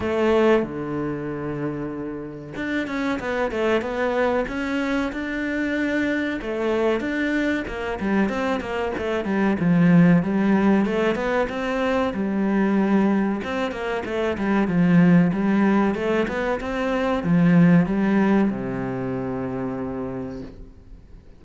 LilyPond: \new Staff \with { instrumentName = "cello" } { \time 4/4 \tempo 4 = 94 a4 d2. | d'8 cis'8 b8 a8 b4 cis'4 | d'2 a4 d'4 | ais8 g8 c'8 ais8 a8 g8 f4 |
g4 a8 b8 c'4 g4~ | g4 c'8 ais8 a8 g8 f4 | g4 a8 b8 c'4 f4 | g4 c2. | }